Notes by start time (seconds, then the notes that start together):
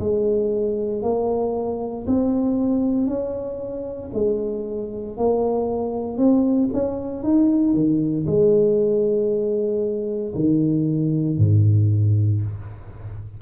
0.00 G#3
1.03 A#3
2.07 C4
3.07 C#4
4.14 G#3
5.17 A#3
6.17 C4
6.73 C#4
7.24 D#4
7.74 D#3
8.27 G#3
10.35 D#3
11.38 G#2